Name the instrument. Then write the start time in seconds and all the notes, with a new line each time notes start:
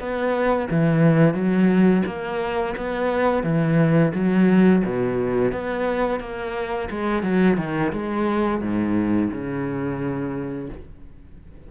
cello
0.00 B3
0.71 E3
1.34 F#3
2.06 A#3
2.77 B3
3.44 E3
4.14 F#3
4.85 B2
5.52 B3
6.20 A#3
6.90 G#3
7.23 F#3
7.58 D#3
7.92 G#3
8.61 G#2
9.32 C#3